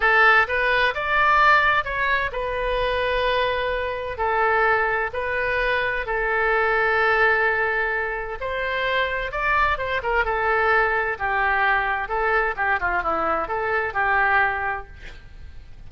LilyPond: \new Staff \with { instrumentName = "oboe" } { \time 4/4 \tempo 4 = 129 a'4 b'4 d''2 | cis''4 b'2.~ | b'4 a'2 b'4~ | b'4 a'2.~ |
a'2 c''2 | d''4 c''8 ais'8 a'2 | g'2 a'4 g'8 f'8 | e'4 a'4 g'2 | }